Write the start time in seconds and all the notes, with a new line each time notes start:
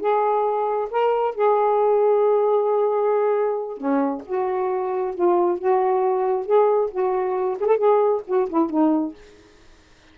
0.00 G#4
0.90 A#4
1.35 G#4
3.77 C#4
4.25 F#4
5.14 F4
5.58 F#4
6.45 G#4
6.91 F#4
7.60 G#4
7.66 A4
7.77 G#4
8.27 F#4
8.49 E4
8.69 D#4